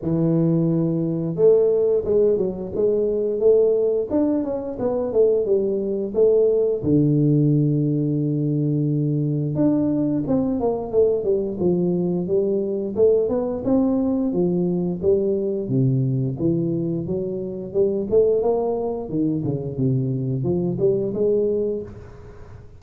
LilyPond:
\new Staff \with { instrumentName = "tuba" } { \time 4/4 \tempo 4 = 88 e2 a4 gis8 fis8 | gis4 a4 d'8 cis'8 b8 a8 | g4 a4 d2~ | d2 d'4 c'8 ais8 |
a8 g8 f4 g4 a8 b8 | c'4 f4 g4 c4 | e4 fis4 g8 a8 ais4 | dis8 cis8 c4 f8 g8 gis4 | }